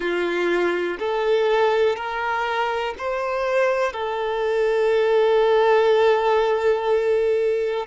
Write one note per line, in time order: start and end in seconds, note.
0.00 0.97 F4
0.99 1.95 A4
1.95 2.94 A#4
2.98 3.93 C5
3.93 7.86 A4